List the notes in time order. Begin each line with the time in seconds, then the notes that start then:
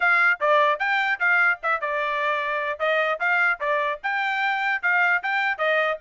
0.00 F5
0.40 D5
0.79 G5
1.19 F5
1.63 E5
1.80 D5
2.79 D#5
3.19 F5
3.60 D5
4.03 G5
4.82 F5
5.23 G5
5.58 D#5